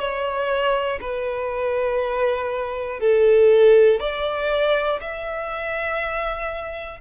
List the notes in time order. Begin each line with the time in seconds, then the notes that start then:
0.00 C#5
1.01 B4
3.00 A4
4.00 D5
5.01 E5